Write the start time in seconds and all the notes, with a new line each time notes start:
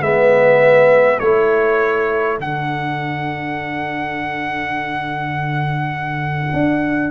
0.00 G#3 B3 B4 E5
1.17 A3 E4 A4 C#5
2.39 D3 D4 F#5
6.53 D4